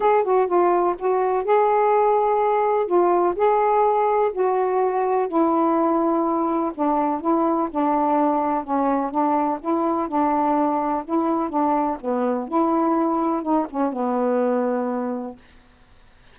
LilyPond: \new Staff \with { instrumentName = "saxophone" } { \time 4/4 \tempo 4 = 125 gis'8 fis'8 f'4 fis'4 gis'4~ | gis'2 f'4 gis'4~ | gis'4 fis'2 e'4~ | e'2 d'4 e'4 |
d'2 cis'4 d'4 | e'4 d'2 e'4 | d'4 b4 e'2 | dis'8 cis'8 b2. | }